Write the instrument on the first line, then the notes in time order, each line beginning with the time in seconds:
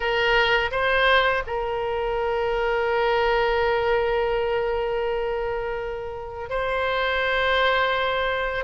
oboe
0.00 A#4
0.71 C5
1.46 A#4
6.49 C5